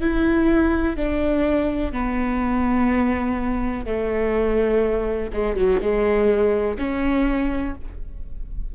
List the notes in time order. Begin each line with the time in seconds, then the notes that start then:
0.00 E4
0.96 D4
1.92 B3
3.85 A3
5.33 G#3
5.56 F#3
5.80 G#3
6.78 C#4